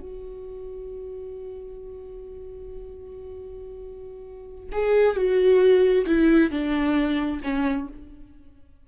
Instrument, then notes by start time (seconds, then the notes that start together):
viola
0.00 F#4
4.72 G#4
5.16 F#4
6.06 E4
6.51 D4
7.43 C#4